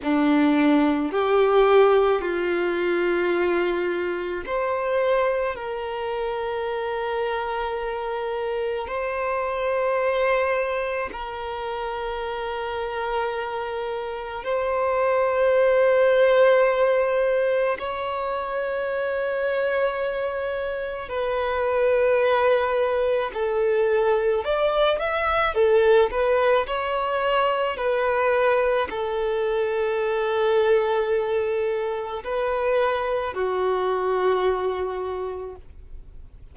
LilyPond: \new Staff \with { instrumentName = "violin" } { \time 4/4 \tempo 4 = 54 d'4 g'4 f'2 | c''4 ais'2. | c''2 ais'2~ | ais'4 c''2. |
cis''2. b'4~ | b'4 a'4 d''8 e''8 a'8 b'8 | cis''4 b'4 a'2~ | a'4 b'4 fis'2 | }